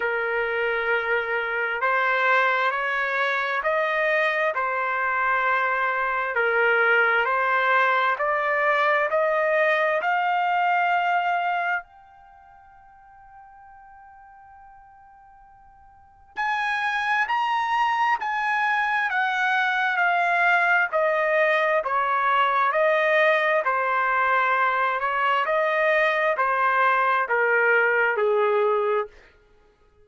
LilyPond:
\new Staff \with { instrumentName = "trumpet" } { \time 4/4 \tempo 4 = 66 ais'2 c''4 cis''4 | dis''4 c''2 ais'4 | c''4 d''4 dis''4 f''4~ | f''4 g''2.~ |
g''2 gis''4 ais''4 | gis''4 fis''4 f''4 dis''4 | cis''4 dis''4 c''4. cis''8 | dis''4 c''4 ais'4 gis'4 | }